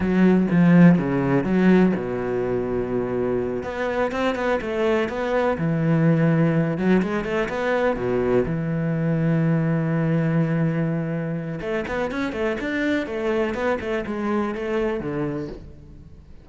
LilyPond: \new Staff \with { instrumentName = "cello" } { \time 4/4 \tempo 4 = 124 fis4 f4 cis4 fis4 | b,2.~ b,8 b8~ | b8 c'8 b8 a4 b4 e8~ | e2 fis8 gis8 a8 b8~ |
b8 b,4 e2~ e8~ | e1 | a8 b8 cis'8 a8 d'4 a4 | b8 a8 gis4 a4 d4 | }